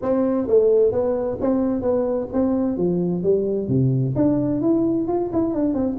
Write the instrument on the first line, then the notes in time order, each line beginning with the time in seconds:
tuba
0.02 C4
0.47 A3
0.91 B3
1.40 C4
1.81 B3
2.32 C4
2.77 F3
3.23 G3
3.68 C3
4.15 D4
4.61 E4
5.07 F4
5.32 E4
5.54 D4
5.73 C4